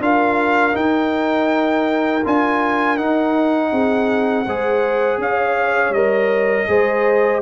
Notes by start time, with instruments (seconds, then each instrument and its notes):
0.00 tuba D4, trombone F4, horn A#4, trumpet F5
0.73 trombone D#4, tuba D#4, trumpet G5
2.25 tuba D4, trombone F4, trumpet G#5
2.97 trombone D#4, tuba D#4, trumpet F#5
3.72 tuba C4, horn G#4
4.46 tuba G#3, trombone G#4, horn C5
5.18 tuba C#4, horn C#5, trumpet F5
5.90 tuba G3, trombone A#4, trumpet D#5
6.67 tuba G#3, trombone G#4, horn C5